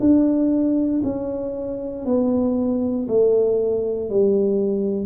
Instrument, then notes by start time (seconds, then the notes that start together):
tuba
0.00 D4
1.04 C#4
2.05 B3
3.08 A3
4.09 G3